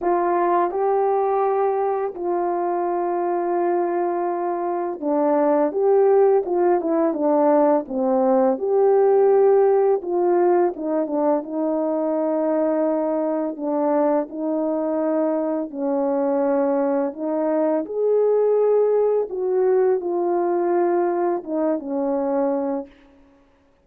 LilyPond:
\new Staff \with { instrumentName = "horn" } { \time 4/4 \tempo 4 = 84 f'4 g'2 f'4~ | f'2. d'4 | g'4 f'8 e'8 d'4 c'4 | g'2 f'4 dis'8 d'8 |
dis'2. d'4 | dis'2 cis'2 | dis'4 gis'2 fis'4 | f'2 dis'8 cis'4. | }